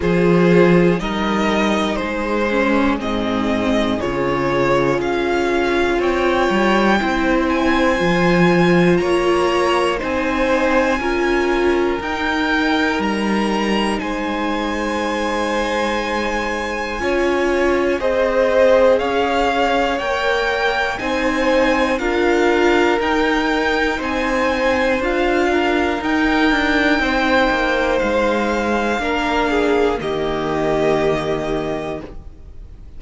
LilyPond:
<<
  \new Staff \with { instrumentName = "violin" } { \time 4/4 \tempo 4 = 60 c''4 dis''4 c''4 dis''4 | cis''4 f''4 g''4. gis''8~ | gis''4 ais''4 gis''2 | g''4 ais''4 gis''2~ |
gis''2 dis''4 f''4 | g''4 gis''4 f''4 g''4 | gis''4 f''4 g''2 | f''2 dis''2 | }
  \new Staff \with { instrumentName = "violin" } { \time 4/4 gis'4 ais'4 gis'2~ | gis'2 cis''4 c''4~ | c''4 cis''4 c''4 ais'4~ | ais'2 c''2~ |
c''4 cis''4 c''4 cis''4~ | cis''4 c''4 ais'2 | c''4. ais'4. c''4~ | c''4 ais'8 gis'8 g'2 | }
  \new Staff \with { instrumentName = "viola" } { \time 4/4 f'4 dis'4. cis'8 c'4 | f'2. e'4 | f'2 dis'4 f'4 | dis'1~ |
dis'4 f'4 gis'2 | ais'4 dis'4 f'4 dis'4~ | dis'4 f'4 dis'2~ | dis'4 d'4 ais2 | }
  \new Staff \with { instrumentName = "cello" } { \time 4/4 f4 g4 gis4 gis,4 | cis4 cis'4 c'8 g8 c'4 | f4 ais4 c'4 cis'4 | dis'4 g4 gis2~ |
gis4 cis'4 c'4 cis'4 | ais4 c'4 d'4 dis'4 | c'4 d'4 dis'8 d'8 c'8 ais8 | gis4 ais4 dis2 | }
>>